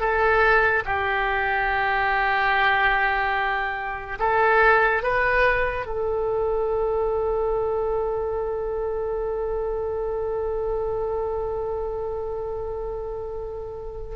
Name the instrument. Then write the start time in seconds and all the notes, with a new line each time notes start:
oboe
0.00 A4
0.85 G4
4.19 A4
5.03 B4
5.86 A4